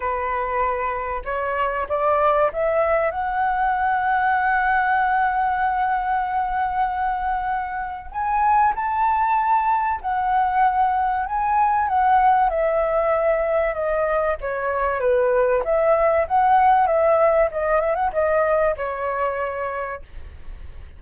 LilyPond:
\new Staff \with { instrumentName = "flute" } { \time 4/4 \tempo 4 = 96 b'2 cis''4 d''4 | e''4 fis''2.~ | fis''1~ | fis''4 gis''4 a''2 |
fis''2 gis''4 fis''4 | e''2 dis''4 cis''4 | b'4 e''4 fis''4 e''4 | dis''8 e''16 fis''16 dis''4 cis''2 | }